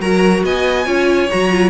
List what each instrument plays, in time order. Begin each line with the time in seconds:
0.00 cello F#3, viola F#4, violin A#4 A#5
0.43 cello B3, violin D#5 G#5
0.85 cello C#4, viola F4, violin C#5
1.31 cello F#3, viola F#4, violin A#5
1.51 viola F4